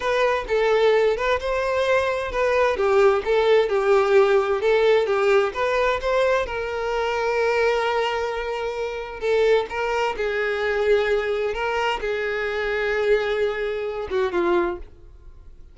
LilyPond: \new Staff \with { instrumentName = "violin" } { \time 4/4 \tempo 4 = 130 b'4 a'4. b'8 c''4~ | c''4 b'4 g'4 a'4 | g'2 a'4 g'4 | b'4 c''4 ais'2~ |
ais'1 | a'4 ais'4 gis'2~ | gis'4 ais'4 gis'2~ | gis'2~ gis'8 fis'8 f'4 | }